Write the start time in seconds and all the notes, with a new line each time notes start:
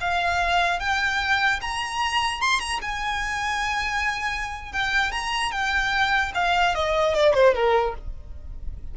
0.00 F5
0.79 G5
1.61 A#5
2.41 C6
2.59 A#5
2.81 G#5
4.72 G5
5.11 A#5
5.51 G5
6.34 F5
6.74 D#5
7.13 D5
7.34 C5
7.54 A#4